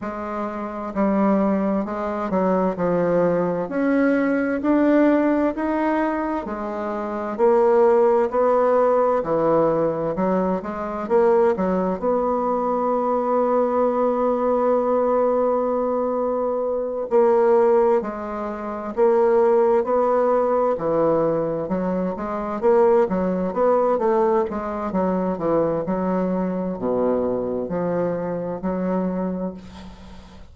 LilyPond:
\new Staff \with { instrumentName = "bassoon" } { \time 4/4 \tempo 4 = 65 gis4 g4 gis8 fis8 f4 | cis'4 d'4 dis'4 gis4 | ais4 b4 e4 fis8 gis8 | ais8 fis8 b2.~ |
b2~ b8 ais4 gis8~ | gis8 ais4 b4 e4 fis8 | gis8 ais8 fis8 b8 a8 gis8 fis8 e8 | fis4 b,4 f4 fis4 | }